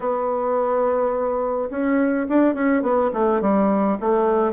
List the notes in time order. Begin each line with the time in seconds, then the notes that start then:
0.00 B3
1.70 C#4
2.28 D4
2.54 C#4
2.82 B3
3.13 A3
3.41 G3
4.00 A3